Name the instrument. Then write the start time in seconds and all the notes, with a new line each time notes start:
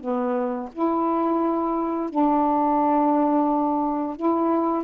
saxophone
0.00 B3
0.72 E4
2.09 D4
4.16 E4